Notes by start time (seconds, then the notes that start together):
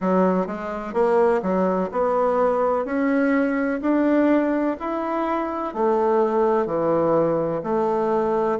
0.00 F#3
0.46 G#3
0.93 A#3
1.42 F#3
1.91 B3
2.85 C#4
3.81 D4
4.79 E4
5.74 A3
6.66 E3
7.63 A3